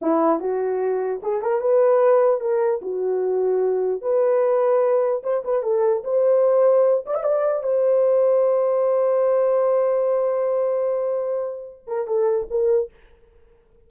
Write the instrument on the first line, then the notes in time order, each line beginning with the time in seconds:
horn
0.01 E4
0.40 F#4
1.22 G#4
1.41 A#4
1.61 B4
2.40 A#4
2.81 F#4
4.01 B4
5.23 C5
5.44 B4
5.62 A4
6.04 C5
7.06 D5
7.14 E5
7.23 D5
7.63 C5
11.87 A#4
12.07 A4
12.50 A#4